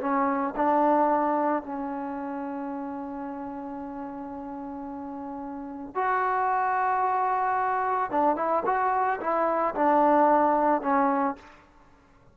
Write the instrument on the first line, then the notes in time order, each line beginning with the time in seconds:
trombone
0.00 C#4
0.56 D4
1.62 C#4
5.94 F#4
8.11 D4
8.36 E4
8.66 F#4
9.20 E4
9.75 D4
10.81 C#4